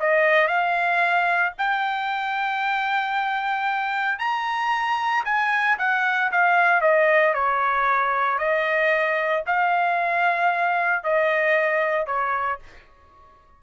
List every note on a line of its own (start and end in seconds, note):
0.00 0.48 D#5
0.48 1.53 F5
1.58 4.19 G5
4.19 5.24 A#5
5.25 5.78 G#5
5.78 6.31 F#5
6.32 6.81 F5
6.81 7.34 D#5
7.34 8.38 C#5
8.38 9.43 D#5
9.46 11.04 F5
11.04 12.06 D#5
12.06 12.59 C#5